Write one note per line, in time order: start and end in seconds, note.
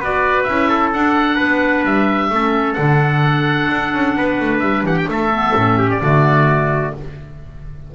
0.00 0.46 B3
0.00 0.48 F#4
0.00 0.69 B4
0.00 0.43 D5
0.43 0.94 C#4
0.43 0.95 E4
0.43 0.89 E5
0.69 1.35 A4
0.93 1.40 D4
0.93 2.33 D4
0.93 1.85 F#5
1.35 1.84 B3
1.35 2.28 B4
1.84 2.30 G3
1.84 2.73 E5
2.30 2.76 A3
2.30 2.77 C#4
2.30 4.17 A4
2.73 3.70 D3
2.73 5.31 D4
2.73 4.58 F#5
3.71 3.94 D4
3.94 4.17 C#4
4.17 4.40 B3
4.17 4.87 B4
4.40 4.61 A3
4.59 4.83 G3
4.59 4.82 E5
4.83 5.06 E3
4.83 5.10 G4
4.83 4.97 F#5
4.97 5.09 G5
5.08 5.54 A3
5.08 5.78 A4
5.08 5.91 E5
5.32 5.55 B3
5.55 6.01 A2
5.55 6.01 C#4
5.78 6.01 G4
5.91 6.94 D5
6.02 6.94 D3
6.02 6.95 A3
6.02 6.95 F#4